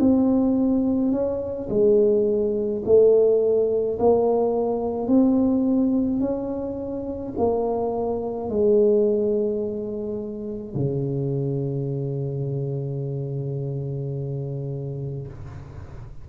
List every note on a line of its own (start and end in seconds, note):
0.00 1.12 C4
1.12 1.69 C#4
1.70 2.83 G#3
2.85 3.98 A3
3.99 5.07 A#3
5.07 6.21 C4
6.21 7.34 C#4
7.38 8.50 A#3
8.50 10.75 G#3
10.75 15.28 C#3